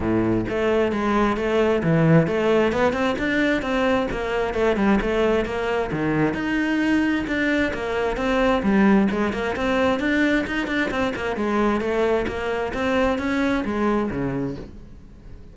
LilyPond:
\new Staff \with { instrumentName = "cello" } { \time 4/4 \tempo 4 = 132 a,4 a4 gis4 a4 | e4 a4 b8 c'8 d'4 | c'4 ais4 a8 g8 a4 | ais4 dis4 dis'2 |
d'4 ais4 c'4 g4 | gis8 ais8 c'4 d'4 dis'8 d'8 | c'8 ais8 gis4 a4 ais4 | c'4 cis'4 gis4 cis4 | }